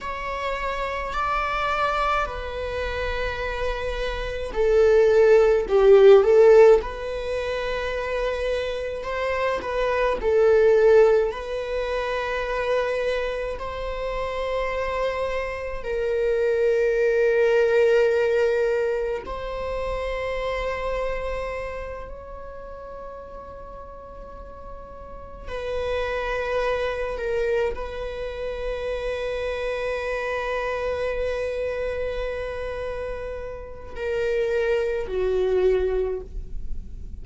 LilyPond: \new Staff \with { instrumentName = "viola" } { \time 4/4 \tempo 4 = 53 cis''4 d''4 b'2 | a'4 g'8 a'8 b'2 | c''8 b'8 a'4 b'2 | c''2 ais'2~ |
ais'4 c''2~ c''8 cis''8~ | cis''2~ cis''8 b'4. | ais'8 b'2.~ b'8~ | b'2 ais'4 fis'4 | }